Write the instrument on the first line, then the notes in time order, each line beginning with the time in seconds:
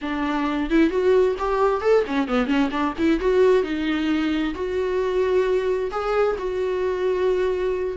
viola
0.01 D4
0.70 E4
0.90 F#4
1.38 G4
1.81 A4
2.07 C#4
2.27 B3
2.46 C#4
2.70 D4
2.98 E4
3.20 F#4
3.63 D#4
4.54 F#4
5.91 G#4
6.38 F#4